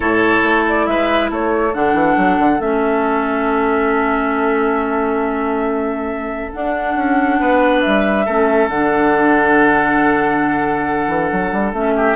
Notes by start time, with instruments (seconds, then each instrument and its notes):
0.00 bassoon A2, clarinet E4, oboe A4, flute C#5
0.43 bassoon A3
0.68 flute D5
0.86 bassoon G#3, oboe B4, flute E5
1.30 bassoon A3, oboe A4, flute C#5
1.73 bassoon D3, clarinet D4, flute F#5
1.93 bassoon E3
2.17 bassoon F#3
2.38 bassoon D3
2.59 bassoon A3, clarinet C#4, flute E5
6.52 clarinet D4, bassoon D4, flute F#5
6.95 bassoon C#4
7.39 bassoon B3, oboe B4
7.81 bassoon G3, flute E5
8.25 bassoon A3, clarinet C#4, oboe A4
8.68 bassoon D3, clarinet D4, flute F#5
11.07 bassoon E3
11.32 bassoon F#3
11.52 bassoon G3
11.72 bassoon A3, clarinet C#4, flute E5
11.95 oboe G4